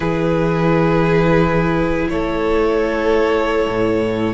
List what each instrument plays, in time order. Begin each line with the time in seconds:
0.00 cello E3, viola E4, violin G#4 B4
2.09 cello A3, violin A4 C#5
3.68 cello A2